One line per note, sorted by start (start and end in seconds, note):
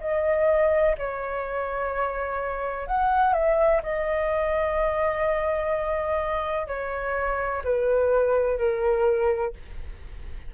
0.00 0.95 D#5
0.97 2.87 C#5
2.87 3.33 F#5
3.33 3.81 E5
3.83 6.67 D#5
6.67 7.62 C#5
7.64 8.58 B4
8.58 9.53 A#4